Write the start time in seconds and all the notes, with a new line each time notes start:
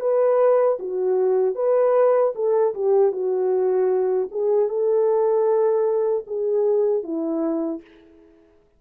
0.00 B4
0.79 F#4
1.55 B4
2.35 A4
2.74 G4
3.12 F#4
4.31 G#4
4.69 A4
6.27 G#4
7.03 E4